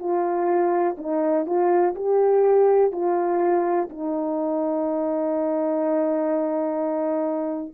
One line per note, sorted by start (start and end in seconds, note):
0.00 0.97 F4
0.98 1.46 D#4
1.46 1.95 F4
1.96 2.93 G4
2.93 3.89 F4
3.90 7.74 D#4